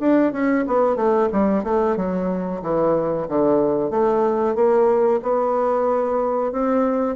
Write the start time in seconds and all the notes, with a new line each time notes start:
0.00 D4
0.32 C#4
0.67 B3
0.95 A3
1.32 G3
1.64 A3
1.96 F#3
2.62 E3
3.28 D3
3.90 A3
4.55 A#3
5.22 B3
6.52 C4